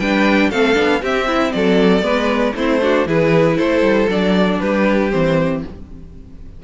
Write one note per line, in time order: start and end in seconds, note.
0.00 0.50 G3
0.00 0.53 D4
0.00 0.50 B4
0.00 0.51 G5
0.50 0.76 A3
0.50 0.74 C4
0.50 1.01 A4
0.50 1.02 F5
0.74 1.02 B3
0.74 1.00 D4
1.02 1.54 C4
1.02 2.02 C4
1.02 1.28 G4
1.02 1.52 E5
1.28 1.53 E4
1.52 2.02 F#3
1.52 2.04 A4
1.52 2.55 D5
2.02 2.54 G#3
2.02 2.53 B3
2.02 2.56 B4
2.56 3.06 A3
2.56 2.82 C4
2.56 2.82 E4
2.56 3.08 C5
2.82 3.07 D4
2.82 3.08 F#4
3.06 3.58 E3
3.06 4.09 E4
3.06 3.57 G#4
3.06 3.58 B4
3.57 3.82 A3
3.57 4.60 A4
3.57 4.09 C5
3.82 4.07 G3
4.09 4.60 F#3
4.09 5.12 D4
4.09 4.60 D5
4.60 5.13 G3
4.60 5.64 G4
4.60 5.12 B4
5.12 5.64 E3
5.12 5.63 C4
5.12 5.63 C5